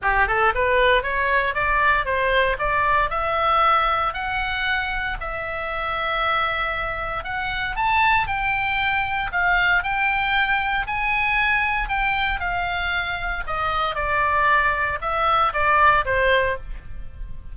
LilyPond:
\new Staff \with { instrumentName = "oboe" } { \time 4/4 \tempo 4 = 116 g'8 a'8 b'4 cis''4 d''4 | c''4 d''4 e''2 | fis''2 e''2~ | e''2 fis''4 a''4 |
g''2 f''4 g''4~ | g''4 gis''2 g''4 | f''2 dis''4 d''4~ | d''4 e''4 d''4 c''4 | }